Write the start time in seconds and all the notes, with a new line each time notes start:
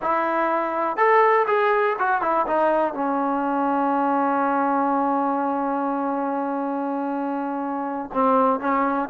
0.02 E4
0.96 A4
1.47 G#4
1.98 F#4
2.21 E4
2.46 D#4
2.94 C#4
8.13 C4
8.59 C#4